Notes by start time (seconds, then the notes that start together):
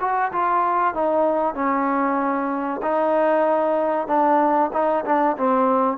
0.00 F#4
0.32 F4
0.94 D#4
1.55 C#4
2.82 D#4
4.07 D4
4.73 D#4
5.05 D4
5.37 C4